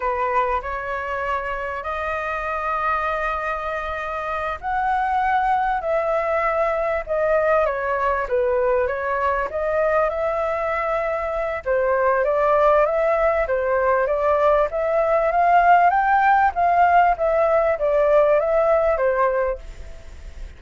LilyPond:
\new Staff \with { instrumentName = "flute" } { \time 4/4 \tempo 4 = 98 b'4 cis''2 dis''4~ | dis''2.~ dis''8 fis''8~ | fis''4. e''2 dis''8~ | dis''8 cis''4 b'4 cis''4 dis''8~ |
dis''8 e''2~ e''8 c''4 | d''4 e''4 c''4 d''4 | e''4 f''4 g''4 f''4 | e''4 d''4 e''4 c''4 | }